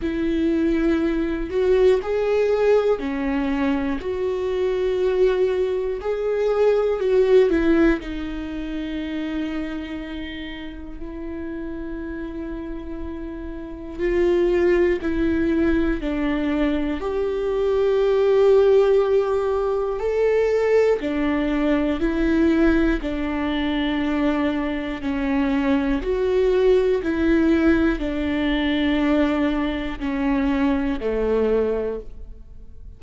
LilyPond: \new Staff \with { instrumentName = "viola" } { \time 4/4 \tempo 4 = 60 e'4. fis'8 gis'4 cis'4 | fis'2 gis'4 fis'8 e'8 | dis'2. e'4~ | e'2 f'4 e'4 |
d'4 g'2. | a'4 d'4 e'4 d'4~ | d'4 cis'4 fis'4 e'4 | d'2 cis'4 a4 | }